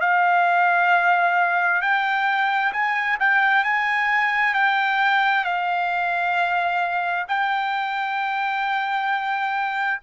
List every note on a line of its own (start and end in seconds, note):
0.00 1.81 F5
1.81 2.72 G5
2.73 3.18 G#5
3.19 3.64 G5
3.64 4.54 G#5
4.54 5.44 G5
5.44 7.26 F5
7.28 10.00 G5